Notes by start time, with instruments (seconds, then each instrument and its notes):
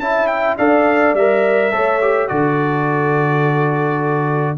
0.00 tuba C#4, trombone E4, horn E5, trumpet A5
0.27 trumpet G5
0.58 tuba D4, trombone A4, horn D5, trumpet F5
1.14 tuba G3, trombone A#4, trumpet E5
1.72 tuba A3, trombone A4, horn C#5
2.02 trombone G4
2.28 tuba D3, trombone F#4, horn A4, trumpet D5